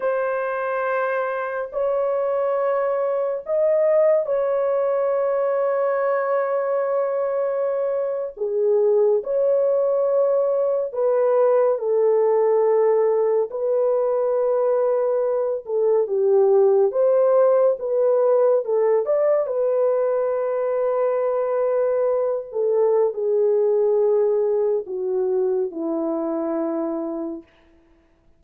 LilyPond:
\new Staff \with { instrumentName = "horn" } { \time 4/4 \tempo 4 = 70 c''2 cis''2 | dis''4 cis''2.~ | cis''4.~ cis''16 gis'4 cis''4~ cis''16~ | cis''8. b'4 a'2 b'16~ |
b'2~ b'16 a'8 g'4 c''16~ | c''8. b'4 a'8 d''8 b'4~ b'16~ | b'2~ b'16 a'8. gis'4~ | gis'4 fis'4 e'2 | }